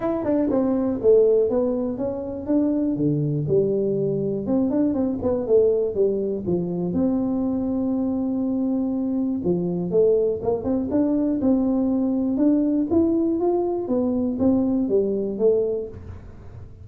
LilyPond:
\new Staff \with { instrumentName = "tuba" } { \time 4/4 \tempo 4 = 121 e'8 d'8 c'4 a4 b4 | cis'4 d'4 d4 g4~ | g4 c'8 d'8 c'8 b8 a4 | g4 f4 c'2~ |
c'2. f4 | a4 ais8 c'8 d'4 c'4~ | c'4 d'4 e'4 f'4 | b4 c'4 g4 a4 | }